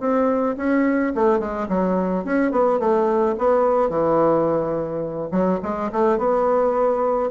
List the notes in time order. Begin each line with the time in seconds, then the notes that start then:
0.00 C4
0.57 C#4
1.15 A3
1.40 G#3
1.69 F#3
2.25 C#4
2.52 B3
2.80 A3
3.38 B3
3.90 E3
5.32 F#3
5.63 G#3
5.92 A3
6.19 B3